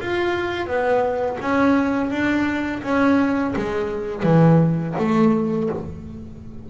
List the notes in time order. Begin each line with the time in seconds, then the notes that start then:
0.00 F4
0.66 B3
1.41 C#4
2.10 D4
2.83 C#4
3.56 G#3
4.23 E3
4.98 A3